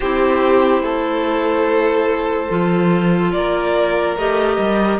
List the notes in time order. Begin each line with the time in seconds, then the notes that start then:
0.00 C4 E4 G4 C5
0.81 A3 A4
2.49 F3 F4
3.32 A#3 A#4 D5
4.16 A3 G4 D#5
4.58 G3